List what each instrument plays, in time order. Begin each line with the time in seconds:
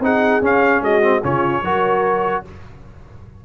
0.00 tuba C4, trombone D#4, horn G#4, trumpet F#5
0.42 tuba C#4, trombone C#4, trumpet F5
0.82 tuba G#3, horn F#4, trumpet D#5
1.02 trombone C4
1.23 tuba C#3, trombone C#4, horn F4, trumpet C#5
1.63 tuba F#3, trombone F#4, horn A#4